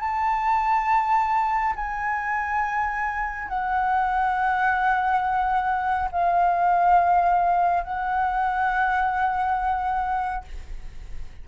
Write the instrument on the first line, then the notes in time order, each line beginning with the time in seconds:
flute
0.00 A5
1.75 G#5
3.48 F#5
6.12 F5
7.84 F#5